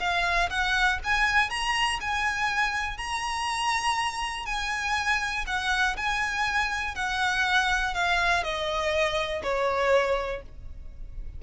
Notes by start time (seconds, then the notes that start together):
0.00 F5
0.50 F#5
1.04 G#5
1.50 A#5
2.01 G#5
2.98 A#5
4.46 G#5
5.47 F#5
5.96 G#5
6.95 F#5
7.94 F5
8.43 D#5
9.43 C#5